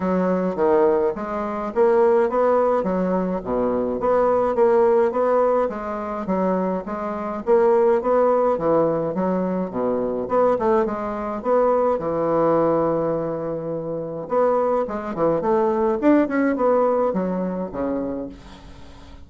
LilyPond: \new Staff \with { instrumentName = "bassoon" } { \time 4/4 \tempo 4 = 105 fis4 dis4 gis4 ais4 | b4 fis4 b,4 b4 | ais4 b4 gis4 fis4 | gis4 ais4 b4 e4 |
fis4 b,4 b8 a8 gis4 | b4 e2.~ | e4 b4 gis8 e8 a4 | d'8 cis'8 b4 fis4 cis4 | }